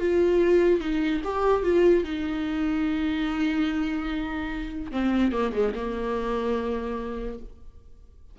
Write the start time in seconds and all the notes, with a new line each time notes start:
0.00 F4
0.81 D#4
1.24 G4
1.64 F4
2.04 D#4
4.92 C4
5.32 A#3
5.53 G#3
5.75 A#3